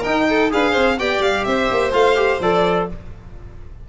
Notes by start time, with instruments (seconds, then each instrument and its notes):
0.00 trombone D#4, tuba D#4, violin A#4 G5
0.29 violin A4
0.50 tuba D4, trombone G#4, violin B4 F5
0.71 tuba C4, violin C5
0.99 tuba B3, trombone G4, violin D5 G5
1.19 tuba G3, violin F5
1.44 tuba C4, violin C5 E5
1.71 tuba A#3
1.92 tuba A3, trombone F4, violin F5
2.16 trombone G4
2.40 tuba F3, trombone A4, violin D5